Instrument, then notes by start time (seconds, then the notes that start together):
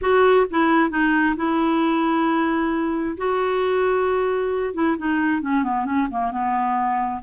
clarinet
0.01 F#4
0.50 E4
0.90 D#4
1.36 E4
3.17 F#4
4.74 E4
4.97 D#4
5.41 C#4
5.63 B3
5.85 C#4
6.10 A#3
6.31 B3